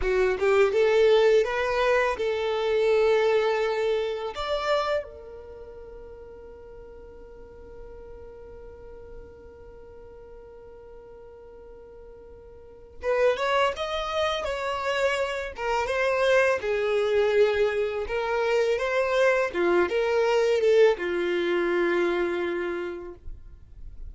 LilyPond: \new Staff \with { instrumentName = "violin" } { \time 4/4 \tempo 4 = 83 fis'8 g'8 a'4 b'4 a'4~ | a'2 d''4 ais'4~ | ais'1~ | ais'1~ |
ais'2 b'8 cis''8 dis''4 | cis''4. ais'8 c''4 gis'4~ | gis'4 ais'4 c''4 f'8 ais'8~ | ais'8 a'8 f'2. | }